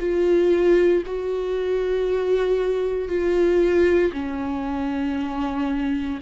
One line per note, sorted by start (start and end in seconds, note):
0.00 1.03 F4
1.06 3.08 F#4
3.08 4.12 F4
4.13 6.20 C#4